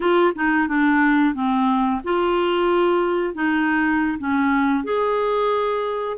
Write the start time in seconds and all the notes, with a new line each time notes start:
0.00 F4
0.35 D#4
0.68 D4
1.34 C4
2.04 F4
3.34 D#4
4.18 C#4
4.84 G#4